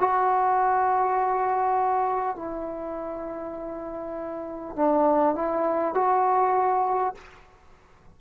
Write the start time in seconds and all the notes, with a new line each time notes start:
0.00 F#4
2.37 E4
4.76 D4
5.36 E4
5.95 F#4